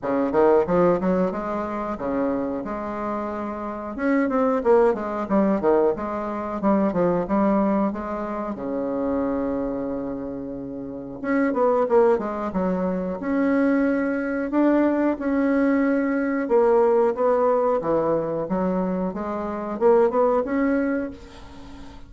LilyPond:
\new Staff \with { instrumentName = "bassoon" } { \time 4/4 \tempo 4 = 91 cis8 dis8 f8 fis8 gis4 cis4 | gis2 cis'8 c'8 ais8 gis8 | g8 dis8 gis4 g8 f8 g4 | gis4 cis2.~ |
cis4 cis'8 b8 ais8 gis8 fis4 | cis'2 d'4 cis'4~ | cis'4 ais4 b4 e4 | fis4 gis4 ais8 b8 cis'4 | }